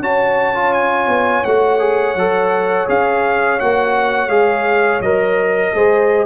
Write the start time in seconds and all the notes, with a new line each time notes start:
0.00 C#4 F#4 C#5 A5
0.55 F4
0.74 G#5
1.08 B3
1.44 A3 F#4 F#5
1.79 G#4
2.15 F#3 A4
2.88 C#4 G#4 F5
3.60 A#3 F#4 F#5
4.29 G#3 G#4 F5
5.00 F#3 A#4 D#5
5.74 G#3 G#4 C5